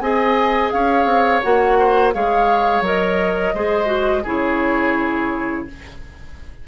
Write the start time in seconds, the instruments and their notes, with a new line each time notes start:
0.00 bassoon C4, clarinet G#4, oboe D#5, flute G#5
0.71 bassoon C#4, oboe C#5, flute F5
1.05 bassoon C4
1.42 bassoon A#3, clarinet F#4, flute F#5
1.79 oboe C5
2.13 bassoon G#3, clarinet G#4, oboe C#5, flute F5
2.81 bassoon F#3, clarinet A#4, flute D#5
3.54 bassoon G#3, clarinet G#4, oboe C5
3.86 clarinet F#4
4.23 bassoon C#3, clarinet E4, oboe G#4, flute C#5